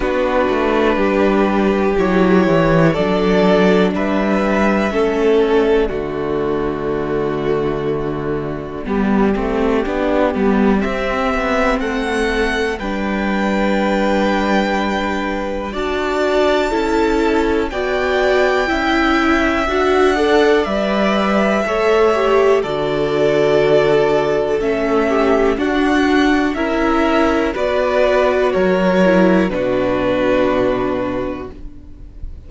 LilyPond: <<
  \new Staff \with { instrumentName = "violin" } { \time 4/4 \tempo 4 = 61 b'2 cis''4 d''4 | e''4. d''2~ d''8~ | d''2. e''4 | fis''4 g''2. |
a''2 g''2 | fis''4 e''2 d''4~ | d''4 e''4 fis''4 e''4 | d''4 cis''4 b'2 | }
  \new Staff \with { instrumentName = "violin" } { \time 4/4 fis'4 g'2 a'4 | b'4 a'4 fis'2~ | fis'4 g'2. | a'4 b'2. |
d''4 a'4 d''4 e''4~ | e''8 d''4. cis''4 a'4~ | a'4. g'8 fis'4 ais'4 | b'4 ais'4 fis'2 | }
  \new Staff \with { instrumentName = "viola" } { \time 4/4 d'2 e'4 d'4~ | d'4 cis'4 a2~ | a4 b8 c'8 d'8 b8 c'4~ | c'4 d'2. |
fis'4 e'4 fis'4 e'4 | fis'8 a'8 b'4 a'8 g'8 fis'4~ | fis'4 cis'4 d'4 e'4 | fis'4. e'8 d'2 | }
  \new Staff \with { instrumentName = "cello" } { \time 4/4 b8 a8 g4 fis8 e8 fis4 | g4 a4 d2~ | d4 g8 a8 b8 g8 c'8 b8 | a4 g2. |
d'4 cis'4 b4 cis'4 | d'4 g4 a4 d4~ | d4 a4 d'4 cis'4 | b4 fis4 b,2 | }
>>